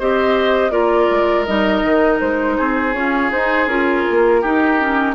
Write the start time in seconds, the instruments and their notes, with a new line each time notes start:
0.00 bassoon C4, clarinet G4, oboe C5, flute D#5
0.71 bassoon A#3, clarinet F4, oboe A#4, flute D5
1.11 bassoon G#3
1.46 bassoon G3, clarinet D#4, flute D#5
1.83 bassoon D#3
2.21 bassoon G#3, flute C5
2.58 bassoon C4, oboe G#4
2.94 clarinet C#4, bassoon F4, flute C#5
3.31 clarinet D#4, bassoon D#4, flute C5
3.67 bassoon C#4, clarinet F4, flute A#4
4.10 bassoon A#3
4.42 clarinet D#4, bassoon D#4, oboe G4
4.80 clarinet C#4